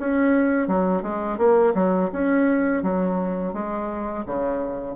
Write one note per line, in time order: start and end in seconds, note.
0.00 0.68 C#4
0.68 1.03 F#3
1.03 1.38 G#3
1.38 1.74 A#3
1.75 2.11 F#3
2.13 2.83 C#4
2.83 3.54 F#3
3.54 4.25 G#3
4.26 4.96 C#3